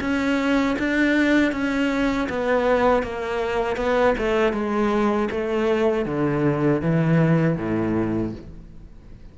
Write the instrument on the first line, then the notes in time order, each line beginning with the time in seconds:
cello
0.00 C#4
0.78 D4
1.52 C#4
2.29 B3
3.03 A#3
3.76 B3
4.17 A3
4.53 G#3
5.31 A3
6.05 D3
6.81 E3
7.56 A2